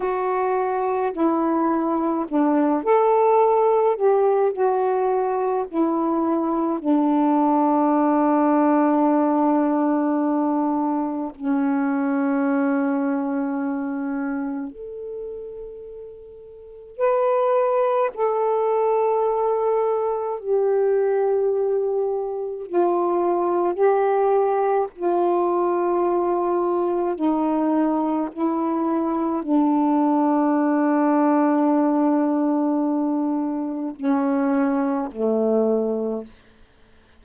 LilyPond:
\new Staff \with { instrumentName = "saxophone" } { \time 4/4 \tempo 4 = 53 fis'4 e'4 d'8 a'4 g'8 | fis'4 e'4 d'2~ | d'2 cis'2~ | cis'4 a'2 b'4 |
a'2 g'2 | f'4 g'4 f'2 | dis'4 e'4 d'2~ | d'2 cis'4 a4 | }